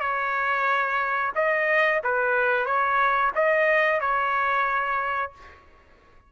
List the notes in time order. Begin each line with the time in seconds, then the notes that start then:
0.00 C#5
1.35 D#5
2.03 B4
2.65 C#5
3.35 D#5
4.00 C#5